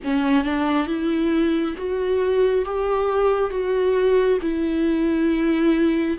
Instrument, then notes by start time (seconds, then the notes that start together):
viola
0.04 C#4
0.44 D4
0.87 E4
1.77 F#4
2.65 G4
3.50 F#4
4.41 E4